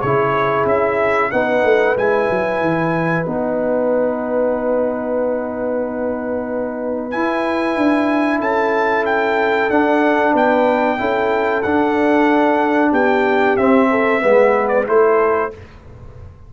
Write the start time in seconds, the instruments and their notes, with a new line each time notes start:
0.00 tuba C#3, trombone E4, horn G#4, trumpet C#5
0.65 tuba C#4, trumpet E5
1.31 tuba B3, trombone D#4, horn B4, trumpet F#5
1.63 tuba A3
1.96 tuba G#3, trombone E4, trumpet G#5
2.30 tuba F#3
2.60 tuba E3
3.25 tuba B3, trombone D#4, trumpet F#5
7.11 trombone E4, tuba E4, trumpet G#5
7.76 tuba D4
8.39 tuba C#4, horn A4, trumpet A5
9.05 trumpet G5
9.69 tuba D4, trombone D4, trumpet F#5
10.32 tuba B3, horn B4, trumpet G5
10.98 tuba C#4, trombone E4, horn A4
11.62 tuba D4, trombone D4, trumpet F#5
12.91 tuba B3, horn G4, trumpet G5
13.56 tuba C4, trombone C4, trumpet E5
13.90 horn A4
14.21 tuba G#3, trombone B3, horn B4
14.68 trumpet D5
14.85 tuba A3, trombone E4, horn A4, trumpet C5